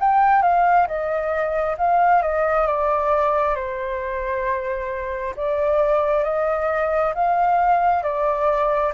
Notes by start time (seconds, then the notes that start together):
0.00 G5
0.42 F5
0.88 D#5
1.78 F5
2.22 D#5
2.67 D5
3.55 C5
5.36 D5
6.24 D#5
7.15 F5
8.03 D5